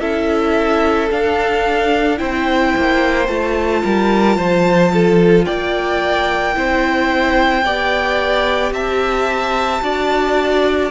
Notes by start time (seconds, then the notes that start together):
0.00 C#4 E4 A4 E5
1.11 D4 F5
2.17 C4 E4 C5 G5
2.77 A#3
3.28 A3 F4 A5
3.84 G3 A#4
4.37 F3 C5
4.94 A4
5.45 A#3 D5 G5
6.54 C4 E4 C5
7.65 B3 G4 D5
8.72 C4 E5 A5
9.82 D4 F#4 D5